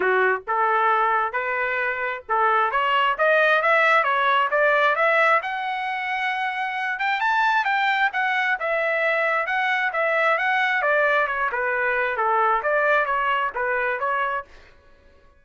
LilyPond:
\new Staff \with { instrumentName = "trumpet" } { \time 4/4 \tempo 4 = 133 fis'4 a'2 b'4~ | b'4 a'4 cis''4 dis''4 | e''4 cis''4 d''4 e''4 | fis''2.~ fis''8 g''8 |
a''4 g''4 fis''4 e''4~ | e''4 fis''4 e''4 fis''4 | d''4 cis''8 b'4. a'4 | d''4 cis''4 b'4 cis''4 | }